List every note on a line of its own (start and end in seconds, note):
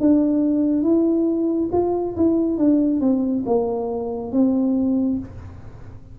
0.00 0.83 D4
0.83 1.70 E4
1.72 2.15 F4
2.16 2.57 E4
2.57 3.00 D4
3.00 3.44 C4
3.46 4.32 A#3
4.32 5.19 C4